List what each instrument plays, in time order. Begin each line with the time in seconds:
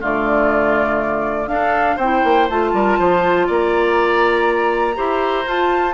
0.00 bassoon D3, clarinet A3, oboe F4, flute D5
1.47 bassoon D4, clarinet D4, oboe A4, flute F5
1.96 bassoon C4, oboe C5, flute G5
2.02 clarinet E4
2.24 bassoon A#3
2.49 bassoon A3, clarinet F4, flute A5
2.73 bassoon G3, oboe A#4
2.98 bassoon F3, oboe C5
3.46 bassoon A#3, oboe D5, flute A#5
4.94 bassoon E4, clarinet G4, oboe C5
5.45 clarinet F4, bassoon F4, flute A5